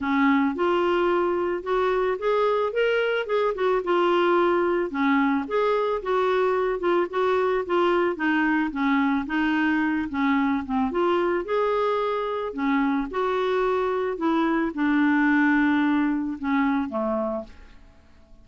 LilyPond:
\new Staff \with { instrumentName = "clarinet" } { \time 4/4 \tempo 4 = 110 cis'4 f'2 fis'4 | gis'4 ais'4 gis'8 fis'8 f'4~ | f'4 cis'4 gis'4 fis'4~ | fis'8 f'8 fis'4 f'4 dis'4 |
cis'4 dis'4. cis'4 c'8 | f'4 gis'2 cis'4 | fis'2 e'4 d'4~ | d'2 cis'4 a4 | }